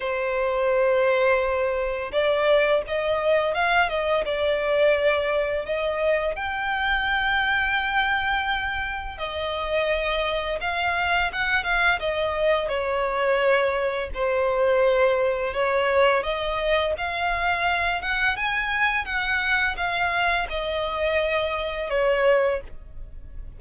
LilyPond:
\new Staff \with { instrumentName = "violin" } { \time 4/4 \tempo 4 = 85 c''2. d''4 | dis''4 f''8 dis''8 d''2 | dis''4 g''2.~ | g''4 dis''2 f''4 |
fis''8 f''8 dis''4 cis''2 | c''2 cis''4 dis''4 | f''4. fis''8 gis''4 fis''4 | f''4 dis''2 cis''4 | }